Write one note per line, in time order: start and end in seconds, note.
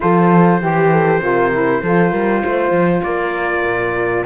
0.00 0.61 F3
0.00 0.60 F4
0.00 0.61 A4
0.00 3.03 C5
0.61 1.20 E3
0.61 1.20 G4
0.61 0.91 G4
0.91 1.21 A4
1.20 1.80 C3
1.20 1.51 F4
1.20 1.83 A#4
1.51 1.81 E4
1.82 2.12 F3
1.82 4.25 F4
1.82 2.11 A4
2.11 2.42 G3
2.11 2.41 A#4
2.43 2.70 A3
2.43 3.04 C5
2.70 3.01 F3
3.03 3.63 A#3
3.03 4.26 A#4
3.03 4.24 D5
3.63 4.24 A#2